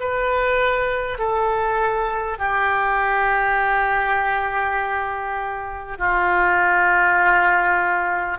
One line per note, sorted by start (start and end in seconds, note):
0.00 1.18 B4
1.18 2.38 A4
2.38 5.98 G4
5.98 8.38 F4